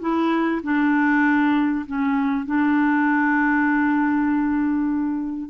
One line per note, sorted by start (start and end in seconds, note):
0.00 0.61 E4
0.63 1.85 D4
1.86 2.45 C#4
2.45 5.49 D4